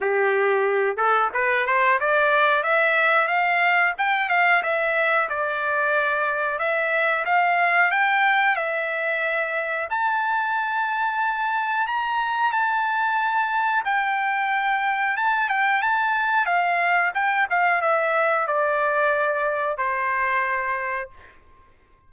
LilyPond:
\new Staff \with { instrumentName = "trumpet" } { \time 4/4 \tempo 4 = 91 g'4. a'8 b'8 c''8 d''4 | e''4 f''4 g''8 f''8 e''4 | d''2 e''4 f''4 | g''4 e''2 a''4~ |
a''2 ais''4 a''4~ | a''4 g''2 a''8 g''8 | a''4 f''4 g''8 f''8 e''4 | d''2 c''2 | }